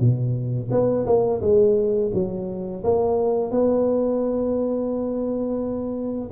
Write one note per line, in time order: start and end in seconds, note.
0.00 0.70 B2
0.71 1.06 B3
1.07 1.41 A#3
1.42 2.12 G#3
2.14 2.84 F#3
2.84 3.51 A#3
3.51 6.30 B3